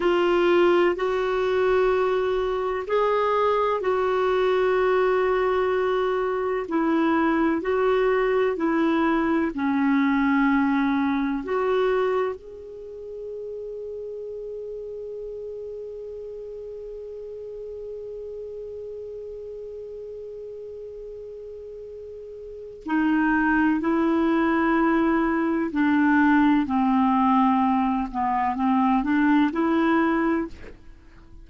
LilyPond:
\new Staff \with { instrumentName = "clarinet" } { \time 4/4 \tempo 4 = 63 f'4 fis'2 gis'4 | fis'2. e'4 | fis'4 e'4 cis'2 | fis'4 gis'2.~ |
gis'1~ | gis'1 | dis'4 e'2 d'4 | c'4. b8 c'8 d'8 e'4 | }